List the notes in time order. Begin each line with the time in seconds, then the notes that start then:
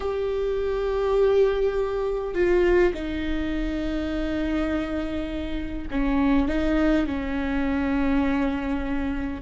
0.00 G4
2.34 F4
2.94 D#4
5.90 C#4
6.48 D#4
7.06 C#4